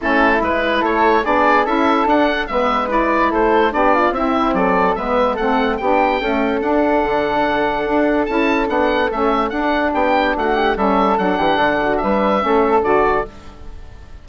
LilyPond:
<<
  \new Staff \with { instrumentName = "oboe" } { \time 4/4 \tempo 4 = 145 a'4 b'4 cis''4 d''4 | e''4 fis''4 e''4 d''4 | c''4 d''4 e''4 d''4 | e''4 fis''4 g''2 |
fis''1 | a''4 fis''4 e''4 fis''4 | g''4 fis''4 e''4 fis''4~ | fis''4 e''2 d''4 | }
  \new Staff \with { instrumentName = "flute" } { \time 4/4 e'2 a'4 gis'4 | a'2 b'2 | a'4 g'8 f'8 e'4 a'4 | b'4 a'4 g'4 a'4~ |
a'1~ | a'1 | g'4 fis'8 g'8 a'4. g'8 | a'8 fis'8 b'4 a'2 | }
  \new Staff \with { instrumentName = "saxophone" } { \time 4/4 cis'4 e'2 d'4 | e'4 d'4 b4 e'4~ | e'4 d'4 c'2 | b4 c'4 d'4 a4 |
d'1 | e'4 d'4 cis'4 d'4~ | d'2 cis'4 d'4~ | d'2 cis'4 fis'4 | }
  \new Staff \with { instrumentName = "bassoon" } { \time 4/4 a4 gis4 a4 b4 | cis'4 d'4 gis2 | a4 b4 c'4 fis4 | gis4 a4 b4 cis'4 |
d'4 d2 d'4 | cis'4 b4 a4 d'4 | b4 a4 g4 fis8 e8 | d4 g4 a4 d4 | }
>>